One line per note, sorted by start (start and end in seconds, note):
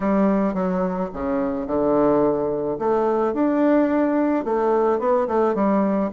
0.00 0.54 G3
0.54 1.09 F#3
1.13 1.67 C#3
1.67 2.78 D3
2.79 3.33 A3
3.33 4.44 D4
4.44 4.99 A3
4.99 5.27 B3
5.27 5.55 A3
5.55 6.10 G3